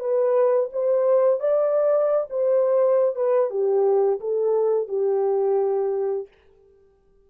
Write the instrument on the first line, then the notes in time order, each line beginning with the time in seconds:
horn
0.00 B4
0.73 C5
1.40 D5
2.30 C5
3.16 B4
3.50 G4
4.21 A4
4.88 G4